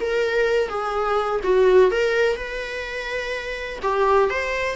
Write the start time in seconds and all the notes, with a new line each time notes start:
0.00 A#4
0.69 G#4
1.43 F#4
1.91 A#4
2.36 B4
3.82 G4
4.30 C5